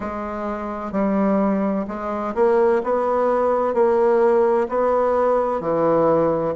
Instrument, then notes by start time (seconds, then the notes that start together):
bassoon
0.00 G#3
0.92 G3
1.87 G#3
2.34 A#3
2.83 B3
3.74 A#3
4.68 B3
5.60 E3